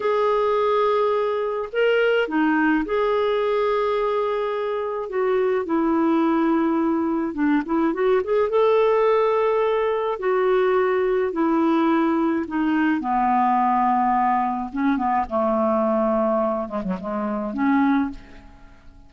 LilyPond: \new Staff \with { instrumentName = "clarinet" } { \time 4/4 \tempo 4 = 106 gis'2. ais'4 | dis'4 gis'2.~ | gis'4 fis'4 e'2~ | e'4 d'8 e'8 fis'8 gis'8 a'4~ |
a'2 fis'2 | e'2 dis'4 b4~ | b2 cis'8 b8 a4~ | a4. gis16 fis16 gis4 cis'4 | }